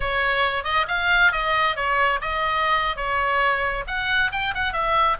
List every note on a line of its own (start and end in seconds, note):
0.00 0.64 C#5
0.64 0.86 D#5
0.87 1.31 F5
1.31 1.75 D#5
1.75 2.20 C#5
2.21 2.96 D#5
2.96 3.84 C#5
3.87 4.31 F#5
4.32 4.54 G5
4.54 4.72 F#5
4.72 5.17 E5